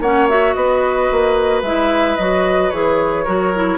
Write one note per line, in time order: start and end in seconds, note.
0.00 0.54 A#3
0.00 0.30 C#4
0.00 0.56 C#5
0.00 0.29 F#5
0.29 1.65 F#4
0.29 0.54 E5
0.54 1.10 B3
0.54 3.24 B4
0.54 1.62 D#5
1.12 1.63 A#3
1.63 2.17 G#3
1.63 2.19 E4
1.63 2.17 E5
2.17 2.72 F#3
2.17 2.72 F#4
2.17 2.70 D#5
2.70 3.26 E3
2.70 3.26 G#4
2.70 3.78 C#5
3.24 3.78 F#3
3.24 3.53 F#4
3.24 3.78 A#4
3.54 3.78 E4